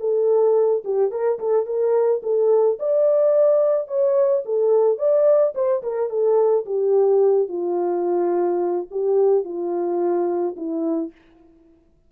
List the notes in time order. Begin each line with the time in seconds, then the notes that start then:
0.00 A4
0.85 G4
1.11 A#4
1.40 A4
1.66 A#4
2.23 A4
2.80 D5
3.88 C#5
4.45 A4
4.98 D5
5.55 C5
5.83 A#4
6.10 A4
6.66 G4
7.48 F4
8.91 G4
9.44 F4
10.56 E4